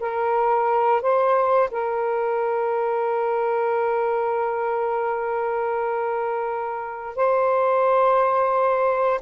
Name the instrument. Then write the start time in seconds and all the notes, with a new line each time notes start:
saxophone
0.00 A#4
1.02 C5
1.71 A#4
7.16 C5